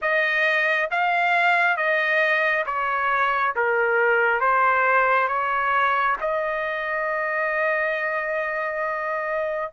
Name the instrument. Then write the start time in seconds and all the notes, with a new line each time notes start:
trumpet
0.01 D#5
0.91 F5
1.76 D#5
2.66 C#5
3.55 A#4
4.40 C5
5.28 C#5
6.20 D#5